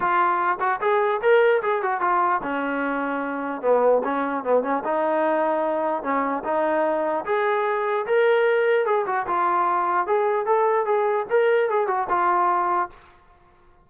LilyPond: \new Staff \with { instrumentName = "trombone" } { \time 4/4 \tempo 4 = 149 f'4. fis'8 gis'4 ais'4 | gis'8 fis'8 f'4 cis'2~ | cis'4 b4 cis'4 b8 cis'8 | dis'2. cis'4 |
dis'2 gis'2 | ais'2 gis'8 fis'8 f'4~ | f'4 gis'4 a'4 gis'4 | ais'4 gis'8 fis'8 f'2 | }